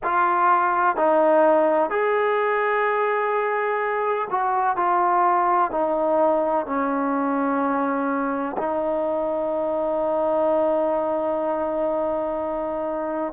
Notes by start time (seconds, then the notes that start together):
0.03 F4
0.96 D#4
1.90 G#4
4.30 F#4
4.76 F4
5.71 D#4
6.65 C#4
8.57 D#4